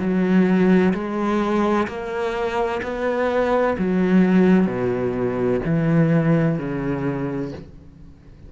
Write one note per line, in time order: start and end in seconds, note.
0.00 0.94 F#3
0.94 1.88 G#3
1.88 2.82 A#3
2.83 3.77 B3
3.79 4.67 F#3
4.67 5.61 B2
5.65 6.59 E3
6.59 7.53 C#3